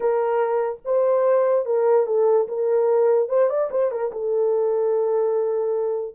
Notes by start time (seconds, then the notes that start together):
0.00 A#4
0.85 C5
1.65 A#4
2.06 A4
2.48 A#4
3.29 C5
3.49 D5
3.70 C5
3.91 A#4
4.12 A4